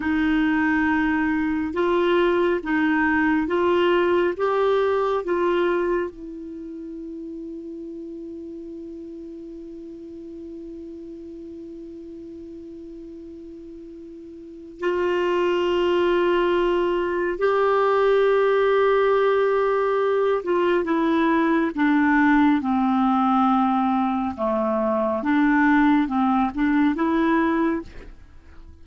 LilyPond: \new Staff \with { instrumentName = "clarinet" } { \time 4/4 \tempo 4 = 69 dis'2 f'4 dis'4 | f'4 g'4 f'4 e'4~ | e'1~ | e'1~ |
e'4 f'2. | g'2.~ g'8 f'8 | e'4 d'4 c'2 | a4 d'4 c'8 d'8 e'4 | }